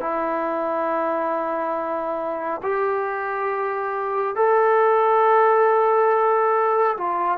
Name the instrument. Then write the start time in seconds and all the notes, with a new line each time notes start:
trombone
0.00 E4
2.63 G4
4.36 A4
6.97 F4